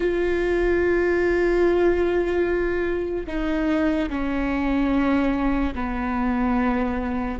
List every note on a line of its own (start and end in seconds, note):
0.00 3.26 F4
3.27 4.09 D#4
4.09 5.73 C#4
5.75 7.39 B3